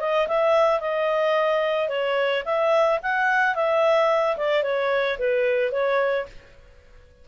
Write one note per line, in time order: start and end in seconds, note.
0.00 0.27 D#5
0.28 0.80 E5
0.80 1.89 D#5
1.89 2.43 C#5
2.45 3.00 E5
3.03 3.55 F#5
3.55 4.37 E5
4.37 4.63 D5
4.63 5.18 C#5
5.18 5.71 B4
5.71 6.26 C#5